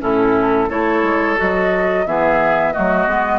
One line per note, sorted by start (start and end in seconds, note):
0.00 0.70 A2
0.00 0.68 C#4
0.00 0.69 E4
0.00 0.70 A4
0.69 1.03 A3
0.69 1.37 E4
0.69 2.06 A4
0.69 1.38 C#5
1.03 1.37 G#3
1.37 2.06 F#3
1.37 2.05 F#4
1.37 2.07 D#5
2.06 2.74 E3
2.06 2.74 B3
2.06 2.74 G#4
2.06 2.73 E5
2.73 3.07 F#3
2.73 3.07 A3
2.73 3.39 F#4
2.73 3.39 D#5
3.07 3.39 G#3
3.07 3.39 B3